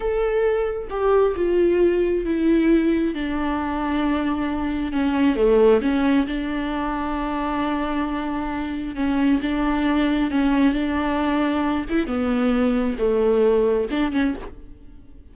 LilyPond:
\new Staff \with { instrumentName = "viola" } { \time 4/4 \tempo 4 = 134 a'2 g'4 f'4~ | f'4 e'2 d'4~ | d'2. cis'4 | a4 cis'4 d'2~ |
d'1 | cis'4 d'2 cis'4 | d'2~ d'8 e'8 b4~ | b4 a2 d'8 cis'8 | }